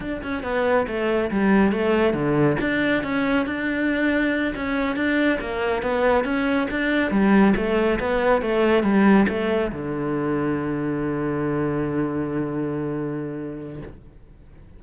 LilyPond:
\new Staff \with { instrumentName = "cello" } { \time 4/4 \tempo 4 = 139 d'8 cis'8 b4 a4 g4 | a4 d4 d'4 cis'4 | d'2~ d'8 cis'4 d'8~ | d'8 ais4 b4 cis'4 d'8~ |
d'8 g4 a4 b4 a8~ | a8 g4 a4 d4.~ | d1~ | d1 | }